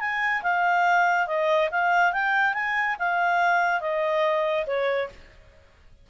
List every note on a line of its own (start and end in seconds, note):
0.00 0.42 G#5
0.43 1.27 F5
1.28 1.70 D#5
1.71 2.13 F5
2.13 2.54 G5
2.54 2.97 G#5
2.99 3.81 F5
3.81 4.66 D#5
4.67 5.09 C#5